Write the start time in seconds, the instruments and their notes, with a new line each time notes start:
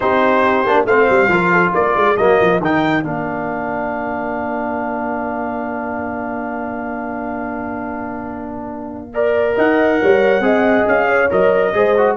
0.00 tuba C4, trombone D#4, horn G4, trumpet C5
0.65 tuba A#3, trombone D4
0.85 tuba A3, trombone C4, horn C5, trumpet F5
1.09 tuba G3
1.28 tuba F3, trombone F4, horn A#4
1.53 horn A4
1.72 tuba A#3, horn A#4, trumpet D5
1.95 tuba G#3
2.16 tuba F#3, trombone A#3, trumpet D#5
2.40 tuba F3
2.60 tuba D#3, trombone D#4, trumpet G5
3.02 tuba A#3, trombone D4, trumpet F5
9.13 trombone A#4, horn D5
9.55 tuba D#4, horn D#5, trumpet F#5
10.01 tuba G3, horn C#5
10.40 tuba C4, trombone G#4, horn D#5
10.87 tuba C#4, trumpet F5
11.07 horn C#5
11.30 tuba F#3, trombone A#4, trumpet D#5
11.74 tuba G#3, trombone G#4, horn C5
11.97 trombone F#4